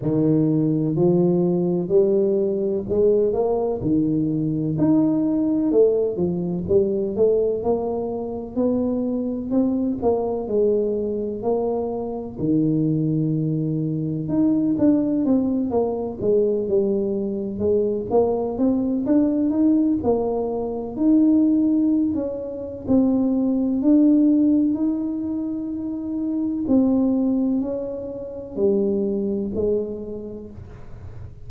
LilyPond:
\new Staff \with { instrumentName = "tuba" } { \time 4/4 \tempo 4 = 63 dis4 f4 g4 gis8 ais8 | dis4 dis'4 a8 f8 g8 a8 | ais4 b4 c'8 ais8 gis4 | ais4 dis2 dis'8 d'8 |
c'8 ais8 gis8 g4 gis8 ais8 c'8 | d'8 dis'8 ais4 dis'4~ dis'16 cis'8. | c'4 d'4 dis'2 | c'4 cis'4 g4 gis4 | }